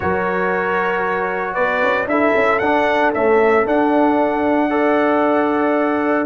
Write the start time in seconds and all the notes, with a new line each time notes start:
0.00 F#3 F#4 A#4 C#5
1.54 B3 B4 D5
1.82 C#4
2.06 D4 E4 A4 E5
2.35 C#4
2.58 D4 F#5
3.13 A3 C#4 E5
3.66 D4 F#5
4.69 A4 D5